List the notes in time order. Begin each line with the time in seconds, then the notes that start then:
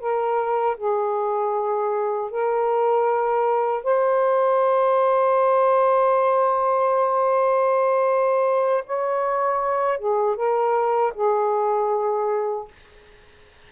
0.00 A#4
0.77 G#4
2.31 A#4
3.84 C5
8.86 C#5
9.99 G#4
10.36 A#4
11.15 G#4